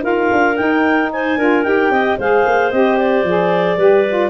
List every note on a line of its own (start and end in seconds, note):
0.00 0.29 D#4
0.00 0.54 F4
0.00 1.10 A#4
0.00 0.56 F5
0.32 0.58 D4
0.56 1.38 D#4
0.56 1.37 D#4
0.56 1.10 G5
1.12 1.38 C5
1.12 1.63 G#5
1.37 1.63 D4
1.37 1.64 F4
1.37 1.91 A#4
1.63 1.89 D#4
1.63 2.17 G4
1.63 2.17 G5
1.89 2.16 C4
1.89 2.18 D#5
2.18 2.45 G#3
2.18 2.72 G#4
2.18 3.77 C5
2.18 2.71 F5
2.45 2.72 A#3
2.71 3.23 C4
2.71 3.25 G4
2.71 2.97 D#5
2.97 4.30 D5
3.23 3.77 F3
3.23 3.78 G#4
3.77 4.30 G3
3.77 4.05 G4
3.77 4.30 B4
4.09 4.30 F4